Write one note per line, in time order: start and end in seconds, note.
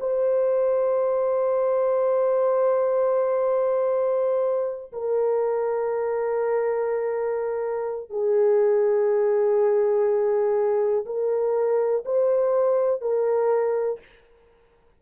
0.00 4.92 C5
4.92 8.10 A#4
8.10 11.05 G#4
11.05 12.04 A#4
12.05 13.01 C5
13.01 13.99 A#4